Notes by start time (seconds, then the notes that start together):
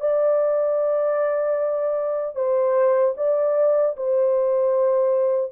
0.00 D5
2.35 C5
3.17 D5
3.97 C5